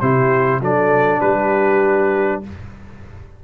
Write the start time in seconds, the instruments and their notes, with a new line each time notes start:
0.00 tuba C3, trombone E4, horn G4, trumpet C5
0.61 tuba F#3, trombone D4, horn A4, trumpet D5
1.20 tuba G3, horn G4, trumpet B4